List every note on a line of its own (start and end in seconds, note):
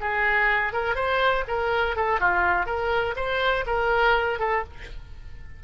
0.00 0.72 G#4
0.72 0.95 A#4
0.95 1.43 C5
1.47 1.96 A#4
1.96 2.20 A4
2.20 2.65 F4
2.65 3.14 A#4
3.16 3.65 C5
3.66 4.39 A#4
4.39 4.63 A4